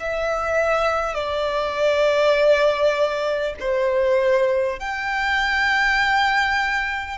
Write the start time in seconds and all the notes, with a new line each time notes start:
0.00 E5
1.15 D5
3.61 C5
4.80 G5